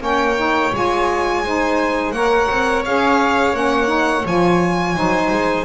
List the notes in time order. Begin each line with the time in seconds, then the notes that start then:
0.00 A#3 C#4 C#5 G5
0.37 D#4
0.72 G#3 F4 G#5
1.45 D#4 C5
2.12 A#3 A#4 C#5 F#5
2.50 C4
2.85 C#4 G#4 F5
3.53 A#3 C#4 F#5
3.87 D#4
4.26 F3 F4 G#5
4.95 F#3 D#4 C5
5.31 G#3